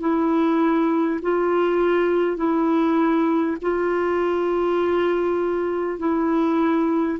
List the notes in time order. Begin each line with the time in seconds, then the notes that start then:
0.00 E4
1.22 F4
2.37 E4
3.62 F4
5.99 E4